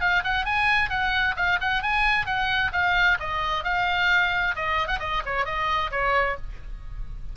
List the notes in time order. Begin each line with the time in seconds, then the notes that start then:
0.00 F5
0.24 F#5
0.45 G#5
0.89 F#5
1.36 F5
1.60 F#5
1.82 G#5
2.26 F#5
2.72 F5
3.19 D#5
3.64 F5
4.55 D#5
4.87 F#5
4.99 D#5
5.25 C#5
5.45 D#5
5.91 C#5